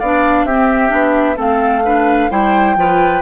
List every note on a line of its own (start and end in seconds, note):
0.00 0.45 B3
0.00 0.50 D4
0.00 0.46 D5
0.00 0.46 F5
0.45 0.91 C4
0.45 0.89 C4
0.45 1.37 G4
0.45 1.38 E5
0.89 1.37 B3
0.89 1.35 D4
1.37 2.30 A3
1.37 1.83 C4
1.37 1.83 A4
1.37 2.31 F5
1.85 2.31 D4
1.85 2.31 B4
2.31 2.77 G3
2.31 2.77 E4
2.31 2.77 C5
2.31 3.22 G5
2.77 3.22 F3
2.77 3.22 F4
2.77 3.22 B4